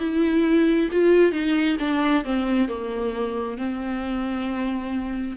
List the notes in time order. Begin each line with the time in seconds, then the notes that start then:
0.00 E4
0.92 F4
1.32 D#4
1.80 D4
2.25 C4
2.69 A#3
3.58 C4